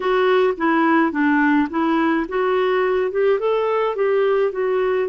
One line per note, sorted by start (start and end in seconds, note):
0.00 0.54 F#4
0.57 1.11 E4
1.11 1.68 D4
1.70 2.26 E4
2.28 3.11 F#4
3.11 3.39 G4
3.39 3.95 A4
3.95 4.52 G4
4.52 5.08 F#4